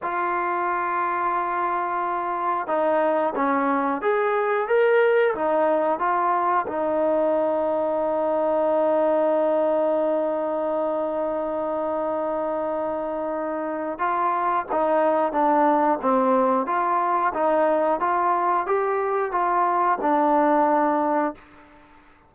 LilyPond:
\new Staff \with { instrumentName = "trombone" } { \time 4/4 \tempo 4 = 90 f'1 | dis'4 cis'4 gis'4 ais'4 | dis'4 f'4 dis'2~ | dis'1~ |
dis'1~ | dis'4 f'4 dis'4 d'4 | c'4 f'4 dis'4 f'4 | g'4 f'4 d'2 | }